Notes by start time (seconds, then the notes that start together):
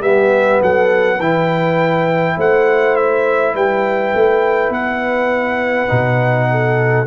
0.00 G3 B3 G4 E5
0.62 F#3 A4 F#5
1.16 E3 E4 B4 G5
2.37 A3 C5 F#5
2.97 E5
3.55 G3 B4 G5
4.14 A3
4.70 B3 F#5
5.88 B2 D#4
6.51 A4